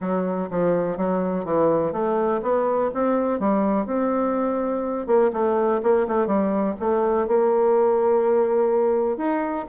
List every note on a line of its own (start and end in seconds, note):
0.00 0.49 F#3
0.50 0.97 F3
0.97 1.44 F#3
1.44 1.92 E3
1.92 2.40 A3
2.42 2.90 B3
2.94 3.39 C4
3.39 3.86 G3
3.86 5.06 C4
5.06 5.30 A#3
5.32 5.81 A3
5.82 6.06 A#3
6.07 6.26 A3
6.26 6.75 G3
6.79 7.27 A3
7.27 9.17 A#3
9.17 9.65 D#4